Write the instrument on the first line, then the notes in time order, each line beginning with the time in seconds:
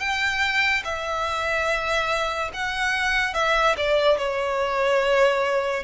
violin
0.00 G5
0.85 E5
2.54 F#5
3.34 E5
3.77 D5
4.18 C#5